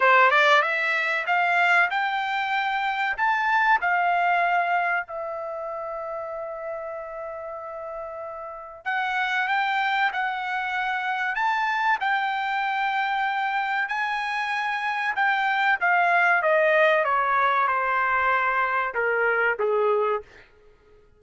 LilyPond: \new Staff \with { instrumentName = "trumpet" } { \time 4/4 \tempo 4 = 95 c''8 d''8 e''4 f''4 g''4~ | g''4 a''4 f''2 | e''1~ | e''2 fis''4 g''4 |
fis''2 a''4 g''4~ | g''2 gis''2 | g''4 f''4 dis''4 cis''4 | c''2 ais'4 gis'4 | }